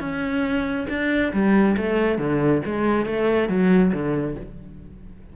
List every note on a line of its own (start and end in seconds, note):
0.00 0.87 C#4
0.89 1.33 D4
1.33 1.77 G3
1.77 2.19 A3
2.19 2.62 D3
2.66 3.06 G#3
3.06 3.49 A3
3.49 3.92 F#3
3.93 4.37 D3